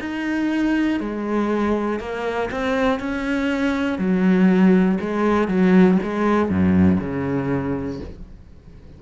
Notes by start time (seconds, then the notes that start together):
0.00 D#4
1.00 G#3
2.00 A#3
2.50 C4
2.99 C#4
3.98 F#3
5.00 G#3
5.48 F#3
6.02 G#3
6.49 F#2
7.00 C#3